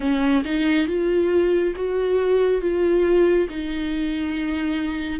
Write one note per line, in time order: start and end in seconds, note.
0.00 0.43 C#4
0.44 0.87 D#4
0.87 1.74 F4
1.75 2.61 F#4
2.61 3.48 F4
3.49 5.20 D#4